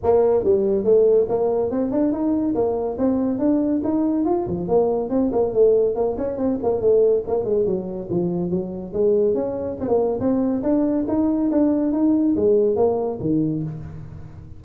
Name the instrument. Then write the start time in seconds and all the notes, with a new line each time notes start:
tuba
0.03 A#3
0.44 G3
0.84 A3
1.28 A#3
1.70 C4
1.91 D4
2.12 D#4
2.54 A#3
2.97 C4
3.38 D4
3.84 D#4
4.25 F4
4.47 F3
4.68 A#3
5.09 C4
5.32 A#3
5.53 A3
5.95 A#3
6.17 C#4
6.37 C4
6.62 A#3
6.81 A3
7.27 A#3
7.44 G#3
7.65 F#3
8.09 F3
8.50 F#3
8.93 G#3
9.34 C#4
9.80 C4
9.87 A#3
10.20 C4
10.63 D4
11.08 D#4
11.51 D4
11.92 D#4
12.35 G#3
12.75 A#3
13.20 D#3